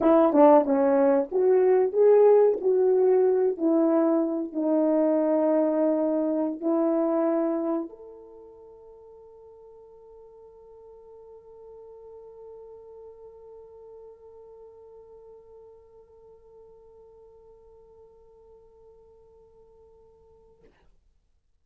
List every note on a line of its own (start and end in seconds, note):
0.00 0.32 E4
0.32 0.64 D4
0.64 1.29 C#4
1.31 1.92 F#4
1.92 2.57 G#4
2.60 3.57 F#4
3.57 4.52 E4
4.52 6.60 D#4
6.60 7.89 E4
7.89 20.63 A4